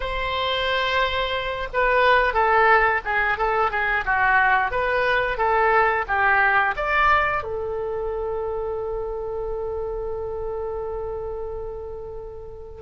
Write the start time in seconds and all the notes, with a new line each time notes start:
0.00 C5
1.73 B4
2.33 A4
3.05 G#4
3.37 A4
3.70 G#4
4.05 F#4
4.71 B4
5.37 A4
6.07 G4
6.76 D5
7.43 A4